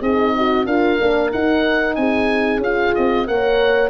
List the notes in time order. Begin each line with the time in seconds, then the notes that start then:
0.00 C4 D#4 G#4 D#5
0.36 F#4
0.66 D4 F4 A#4 F5
0.99 A#3 D4
1.31 D#4 F#5
1.95 C4 G#4 G#5
2.58 C#4 F4 F5
2.95 C4 D#5
3.26 A#3 A#4 C#5 F#5